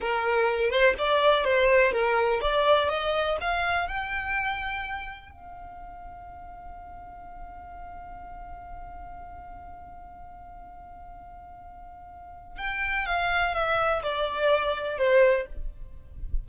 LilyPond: \new Staff \with { instrumentName = "violin" } { \time 4/4 \tempo 4 = 124 ais'4. c''8 d''4 c''4 | ais'4 d''4 dis''4 f''4 | g''2. f''4~ | f''1~ |
f''1~ | f''1~ | f''2 g''4 f''4 | e''4 d''2 c''4 | }